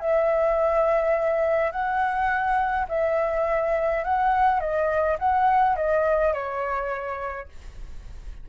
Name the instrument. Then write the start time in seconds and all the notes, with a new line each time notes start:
flute
0.00 E5
1.72 F#5
2.89 E5
4.04 F#5
4.60 D#5
5.19 F#5
5.76 D#5
6.33 C#5